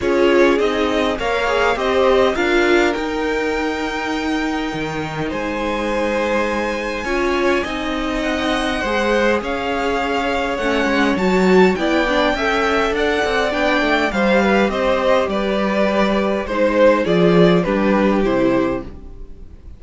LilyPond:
<<
  \new Staff \with { instrumentName = "violin" } { \time 4/4 \tempo 4 = 102 cis''4 dis''4 f''4 dis''4 | f''4 g''2.~ | g''4 gis''2.~ | gis''2 fis''2 |
f''2 fis''4 a''4 | g''2 fis''4 g''4 | f''4 dis''4 d''2 | c''4 d''4 b'4 c''4 | }
  \new Staff \with { instrumentName = "violin" } { \time 4/4 gis'2 cis''4 c''4 | ais'1~ | ais'4 c''2. | cis''4 dis''2 c''4 |
cis''1 | d''4 e''4 d''2 | c''8 b'8 c''4 b'2 | c''4 gis'4 g'2 | }
  \new Staff \with { instrumentName = "viola" } { \time 4/4 f'4 dis'4 ais'8 gis'8 g'4 | f'4 dis'2.~ | dis'1 | f'4 dis'2 gis'4~ |
gis'2 cis'4 fis'4 | e'8 d'8 a'2 d'4 | g'1 | dis'4 f'4 d'4 e'4 | }
  \new Staff \with { instrumentName = "cello" } { \time 4/4 cis'4 c'4 ais4 c'4 | d'4 dis'2. | dis4 gis2. | cis'4 c'2 gis4 |
cis'2 a8 gis8 fis4 | b4 cis'4 d'8 c'8 b8 a8 | g4 c'4 g2 | gis4 f4 g4 c4 | }
>>